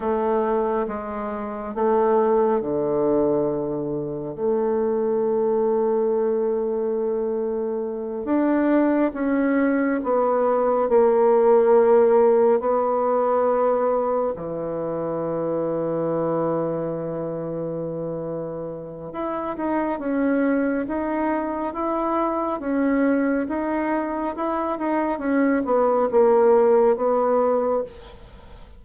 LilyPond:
\new Staff \with { instrumentName = "bassoon" } { \time 4/4 \tempo 4 = 69 a4 gis4 a4 d4~ | d4 a2.~ | a4. d'4 cis'4 b8~ | b8 ais2 b4.~ |
b8 e2.~ e8~ | e2 e'8 dis'8 cis'4 | dis'4 e'4 cis'4 dis'4 | e'8 dis'8 cis'8 b8 ais4 b4 | }